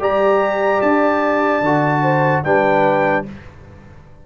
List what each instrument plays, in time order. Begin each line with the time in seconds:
0.00 tuba G3, trombone G4, horn D5, trumpet A#5
0.82 tuba D4, trumpet A5
1.62 tuba D3, trombone F#4
2.03 horn C5
2.44 tuba G3, trombone D4, horn B4, trumpet G5